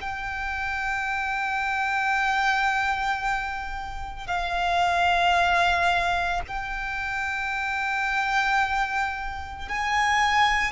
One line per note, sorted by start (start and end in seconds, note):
0.00 4.27 G5
4.27 6.41 F5
6.47 9.68 G5
9.68 10.71 G#5